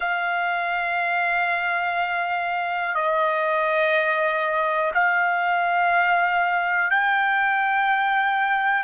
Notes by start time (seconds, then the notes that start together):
0.00 F5
2.95 D#5
4.94 F5
6.90 G5